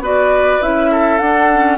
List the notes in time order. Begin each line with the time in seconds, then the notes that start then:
0.00 B3 F#4 B4 D5
0.62 C#4 E4 E5
0.92 A4
1.19 D4 F#5
1.54 C#4